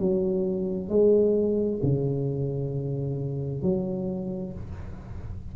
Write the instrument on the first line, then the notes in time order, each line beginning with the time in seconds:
tuba
0.00 F#3
0.90 G#3
1.83 C#3
3.63 F#3